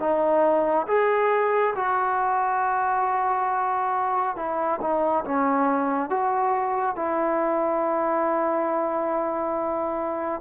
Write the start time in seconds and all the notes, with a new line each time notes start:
0.00 D#4
0.88 G#4
1.75 F#4
4.36 E4
4.81 D#4
5.25 C#4
6.10 F#4
6.96 E4